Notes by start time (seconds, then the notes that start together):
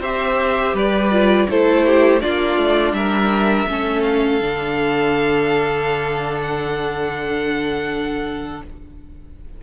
0.00 C4 G4 C5 E5
0.74 G3 B4 D5
1.12 F4
1.50 A3 E4 A4 C5
1.86 G4
2.21 A#3 D4 F4 D5
2.57 A3
2.93 G3 A#4 E5
3.68 A3 C#4 A4
4.03 F5
4.41 D3 D4
6.42 F#5